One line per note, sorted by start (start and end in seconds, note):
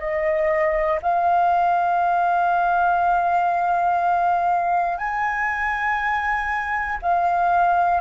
0.00 1.00 D#5
1.03 4.99 F5
4.99 6.99 G#5
7.03 8.01 F5